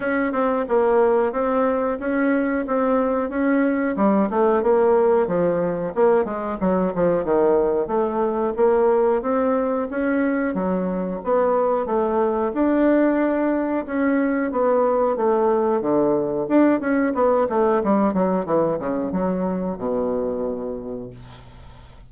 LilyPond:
\new Staff \with { instrumentName = "bassoon" } { \time 4/4 \tempo 4 = 91 cis'8 c'8 ais4 c'4 cis'4 | c'4 cis'4 g8 a8 ais4 | f4 ais8 gis8 fis8 f8 dis4 | a4 ais4 c'4 cis'4 |
fis4 b4 a4 d'4~ | d'4 cis'4 b4 a4 | d4 d'8 cis'8 b8 a8 g8 fis8 | e8 cis8 fis4 b,2 | }